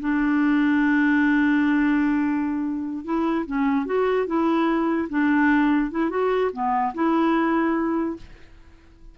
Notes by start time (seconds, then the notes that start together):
0.00 D4
3.04 E4
3.46 C#4
3.86 F#4
4.26 E4
5.09 D4
5.91 E4
6.10 F#4
6.52 B3
6.94 E4